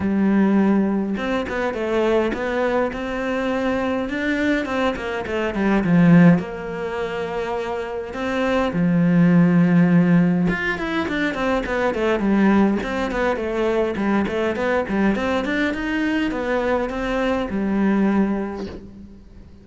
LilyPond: \new Staff \with { instrumentName = "cello" } { \time 4/4 \tempo 4 = 103 g2 c'8 b8 a4 | b4 c'2 d'4 | c'8 ais8 a8 g8 f4 ais4~ | ais2 c'4 f4~ |
f2 f'8 e'8 d'8 c'8 | b8 a8 g4 c'8 b8 a4 | g8 a8 b8 g8 c'8 d'8 dis'4 | b4 c'4 g2 | }